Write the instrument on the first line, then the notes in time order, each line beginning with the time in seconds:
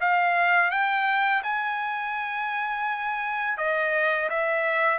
trumpet
0.00 F5
0.71 G5
1.43 G#5
3.57 D#5
4.29 E5